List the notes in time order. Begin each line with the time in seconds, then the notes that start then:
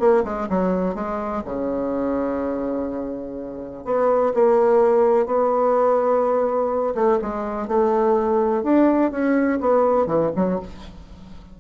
0.00 A#3
0.24 G#3
0.50 F#3
0.95 G#3
1.45 C#3
3.85 B3
4.34 A#3
5.26 B3
6.95 A3
7.22 G#3
7.68 A3
8.64 D4
9.12 C#4
9.61 B3
10.07 E3
10.36 F#3